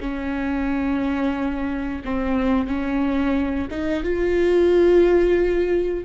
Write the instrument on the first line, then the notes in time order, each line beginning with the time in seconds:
viola
0.00 C#4
2.05 C4
2.67 C#4
3.70 D#4
4.03 F4